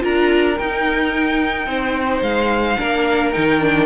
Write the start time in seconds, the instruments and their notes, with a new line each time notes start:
0.00 cello D4, viola F4, violin A#4 A#5
0.58 cello D#4, viola D#4, violin G5
1.66 cello C4, violin C5
2.22 cello G#3, violin F5
2.78 cello A#3, viola D4, violin A#4
3.31 cello D#3, viola D#4, violin G5
3.61 viola D4